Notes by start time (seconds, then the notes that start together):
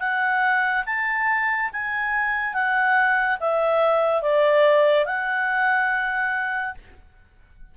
0.00 F#5
0.86 A5
1.73 G#5
2.54 F#5
3.40 E5
4.22 D5
5.06 F#5